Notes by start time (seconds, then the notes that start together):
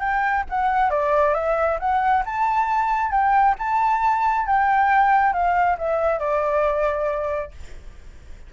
0.00 G5
0.49 F#5
0.90 D5
1.34 E5
1.79 F#5
2.25 A5
3.11 G5
3.59 A5
4.46 G5
5.33 F5
5.78 E5
6.19 D5